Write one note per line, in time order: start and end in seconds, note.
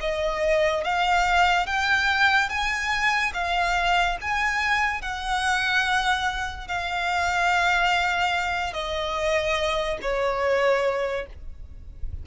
0.00 0.83 D#5
0.84 1.66 F5
1.66 2.48 G5
2.48 3.32 G#5
3.33 4.17 F5
4.20 5.01 G#5
5.01 6.67 F#5
6.67 8.73 F5
8.73 9.98 D#5
10.01 11.26 C#5